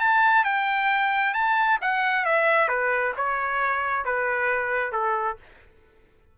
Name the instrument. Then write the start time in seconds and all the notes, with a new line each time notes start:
trumpet
0.00 A5
0.45 G5
1.34 A5
1.82 F#5
2.25 E5
2.69 B4
3.17 C#5
4.05 B4
4.93 A4